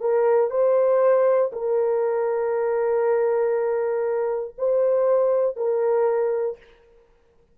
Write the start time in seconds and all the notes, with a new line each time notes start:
0.00 A#4
0.50 C5
1.52 A#4
4.58 C5
5.56 A#4